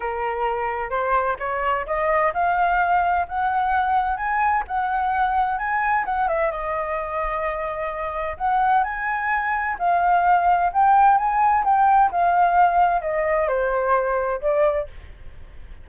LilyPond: \new Staff \with { instrumentName = "flute" } { \time 4/4 \tempo 4 = 129 ais'2 c''4 cis''4 | dis''4 f''2 fis''4~ | fis''4 gis''4 fis''2 | gis''4 fis''8 e''8 dis''2~ |
dis''2 fis''4 gis''4~ | gis''4 f''2 g''4 | gis''4 g''4 f''2 | dis''4 c''2 d''4 | }